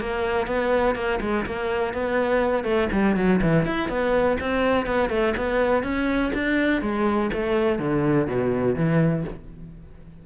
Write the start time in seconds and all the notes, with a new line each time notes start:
0.00 A#3
0.47 B3
0.95 A#3
1.21 G#3
1.46 A#3
1.94 B3
2.64 A3
2.92 G3
3.16 F#3
3.42 E3
3.66 E4
3.89 B3
4.40 C4
4.86 B3
5.10 A3
5.37 B3
5.83 C#4
6.34 D4
6.82 G#3
7.33 A3
7.79 D3
8.27 B2
8.76 E3